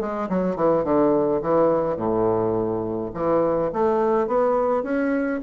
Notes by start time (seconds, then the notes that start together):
0.00 G#3
0.29 F#3
0.56 E3
0.84 D3
1.42 E3
1.96 A2
3.14 E3
3.72 A3
4.27 B3
4.83 C#4